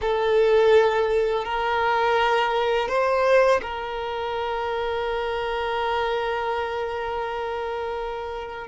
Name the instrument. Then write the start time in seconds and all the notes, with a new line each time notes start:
violin
0.01 A4
1.44 A#4
2.88 C5
3.61 A#4